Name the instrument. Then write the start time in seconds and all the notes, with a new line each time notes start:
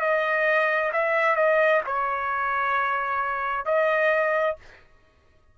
trumpet
0.00 D#5
0.92 E5
1.36 D#5
1.86 C#5
3.65 D#5